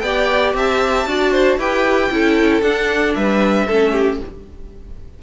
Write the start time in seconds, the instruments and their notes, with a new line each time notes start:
0.00 cello B3, viola G4, violin D5 G5
0.54 cello C4, violin E5 A5
1.07 cello D4, viola F#4, violin D5
1.32 violin C5
1.58 cello E4, viola G4, violin B4 G5
2.11 cello C#4, viola E4, violin A4
2.62 cello D4, viola D4, violin F#5
3.15 cello G3, violin B4 E5
3.67 cello A3, viola C#4, violin A4
3.92 violin G4